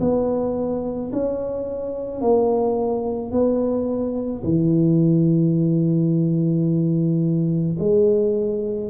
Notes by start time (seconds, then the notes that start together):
0.00 B3
1.13 C#4
2.21 A#3
3.31 B3
4.43 E3
7.79 G#3